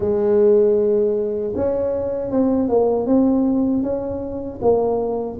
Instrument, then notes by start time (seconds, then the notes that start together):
tuba
0.00 G#3
1.55 C#4
2.30 C4
2.69 A#3
3.06 C4
3.83 C#4
4.61 A#3